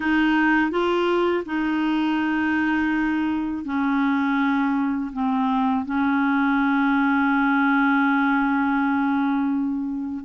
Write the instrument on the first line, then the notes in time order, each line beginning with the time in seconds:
clarinet
0.00 D#4
0.71 F4
1.45 D#4
3.64 C#4
5.12 C4
5.85 C#4